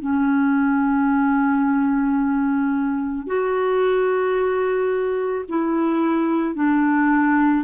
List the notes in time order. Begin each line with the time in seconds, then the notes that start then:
0.00 C#4
3.27 F#4
5.48 E4
6.55 D4